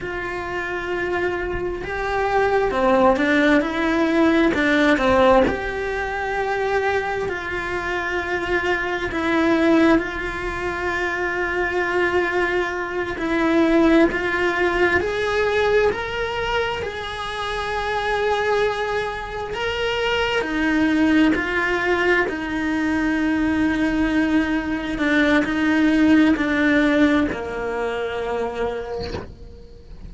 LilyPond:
\new Staff \with { instrumentName = "cello" } { \time 4/4 \tempo 4 = 66 f'2 g'4 c'8 d'8 | e'4 d'8 c'8 g'2 | f'2 e'4 f'4~ | f'2~ f'8 e'4 f'8~ |
f'8 gis'4 ais'4 gis'4.~ | gis'4. ais'4 dis'4 f'8~ | f'8 dis'2. d'8 | dis'4 d'4 ais2 | }